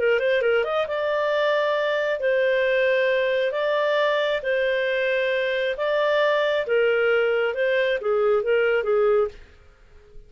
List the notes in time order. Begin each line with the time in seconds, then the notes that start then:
0.00 A#4
0.20 C5
0.42 A#4
0.65 D#5
0.88 D5
2.20 C5
3.53 D5
4.43 C5
5.78 D5
6.67 A#4
7.55 C5
8.01 G#4
8.43 A#4
8.84 G#4